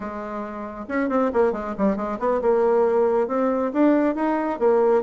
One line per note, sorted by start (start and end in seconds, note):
0.00 0.85 G#3
0.88 1.09 C#4
1.09 1.31 C4
1.33 1.52 A#3
1.52 1.74 G#3
1.78 1.96 G3
1.96 2.18 G#3
2.19 2.40 B3
2.41 3.27 A#3
3.27 3.71 C4
3.73 4.15 D4
4.15 4.59 D#4
4.59 5.02 A#3